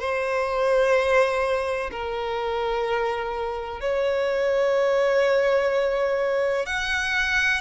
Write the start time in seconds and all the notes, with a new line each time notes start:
0.00 C5
1.91 A#4
3.81 C#5
6.66 F#5